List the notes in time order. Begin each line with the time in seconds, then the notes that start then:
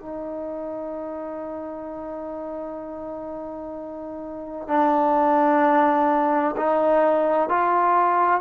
0.00 D#4
4.68 D4
6.57 D#4
7.49 F4